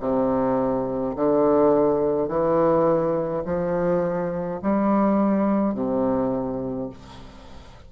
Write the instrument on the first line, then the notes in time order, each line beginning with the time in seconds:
bassoon
0.00 C3
1.16 D3
2.28 E3
3.45 F3
4.62 G3
5.74 C3